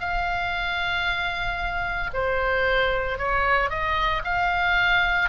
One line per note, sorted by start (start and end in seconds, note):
0.00 2.11 F5
2.14 3.19 C5
3.19 3.70 C#5
3.70 4.23 D#5
4.25 5.30 F5